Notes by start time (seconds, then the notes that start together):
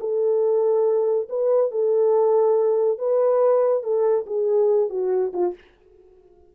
0.00 A4
1.29 B4
1.71 A4
2.98 B4
3.83 A4
4.26 G#4
4.90 F#4
5.33 F4